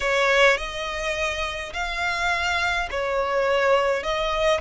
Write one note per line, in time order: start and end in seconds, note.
0.00 0.57 C#5
0.57 1.72 D#5
1.73 2.88 F5
2.90 4.03 C#5
4.03 4.60 D#5